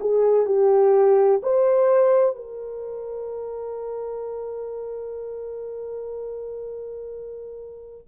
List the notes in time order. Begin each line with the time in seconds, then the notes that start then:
0.00 G#4
0.45 G4
1.42 C5
2.35 A#4